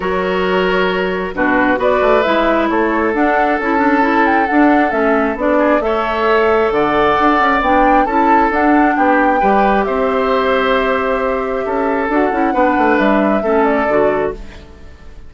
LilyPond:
<<
  \new Staff \with { instrumentName = "flute" } { \time 4/4 \tempo 4 = 134 cis''2. b'4 | d''4 e''4 cis''4 fis''4 | a''4. g''8 fis''4 e''4 | d''4 e''2 fis''4~ |
fis''4 g''4 a''4 fis''4 | g''2 e''2~ | e''2. fis''4~ | fis''4 e''4. d''4. | }
  \new Staff \with { instrumentName = "oboe" } { \time 4/4 ais'2. fis'4 | b'2 a'2~ | a'1~ | a'8 gis'8 cis''2 d''4~ |
d''2 a'2 | g'4 b'4 c''2~ | c''2 a'2 | b'2 a'2 | }
  \new Staff \with { instrumentName = "clarinet" } { \time 4/4 fis'2. d'4 | fis'4 e'2 d'4 | e'8 d'8 e'4 d'4 cis'4 | d'4 a'2.~ |
a'4 d'4 e'4 d'4~ | d'4 g'2.~ | g'2. fis'8 e'8 | d'2 cis'4 fis'4 | }
  \new Staff \with { instrumentName = "bassoon" } { \time 4/4 fis2. b,4 | b8 a8 gis4 a4 d'4 | cis'2 d'4 a4 | b4 a2 d4 |
d'8 cis'8 b4 cis'4 d'4 | b4 g4 c'2~ | c'2 cis'4 d'8 cis'8 | b8 a8 g4 a4 d4 | }
>>